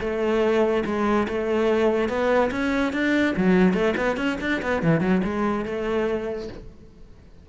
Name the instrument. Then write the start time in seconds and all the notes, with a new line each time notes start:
cello
0.00 A3
0.85 G#3
1.28 A3
2.09 B3
2.51 C#4
2.93 D4
3.37 F#3
3.73 A3
3.97 B3
4.17 C#4
4.41 D4
4.62 B3
4.82 E3
5.00 F#3
5.24 G#3
5.65 A3